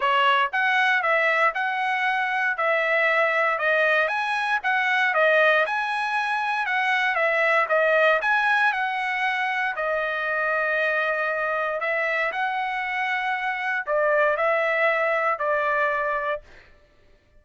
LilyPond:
\new Staff \with { instrumentName = "trumpet" } { \time 4/4 \tempo 4 = 117 cis''4 fis''4 e''4 fis''4~ | fis''4 e''2 dis''4 | gis''4 fis''4 dis''4 gis''4~ | gis''4 fis''4 e''4 dis''4 |
gis''4 fis''2 dis''4~ | dis''2. e''4 | fis''2. d''4 | e''2 d''2 | }